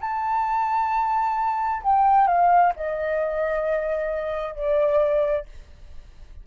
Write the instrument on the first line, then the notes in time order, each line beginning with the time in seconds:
flute
0.00 A5
1.82 G5
2.27 F5
2.76 D#5
4.54 D5